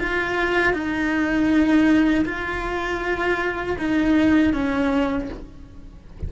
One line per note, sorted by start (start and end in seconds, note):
0.00 0.74 F4
0.74 2.25 D#4
2.25 3.77 F4
3.79 4.54 D#4
4.54 5.30 C#4